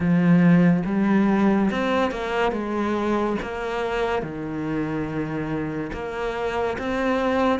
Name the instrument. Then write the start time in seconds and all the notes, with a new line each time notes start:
cello
0.00 F3
0.85 G3
1.71 C4
2.11 A#3
2.51 G#3
3.41 A#3
4.22 D#3
5.92 A#3
6.78 C4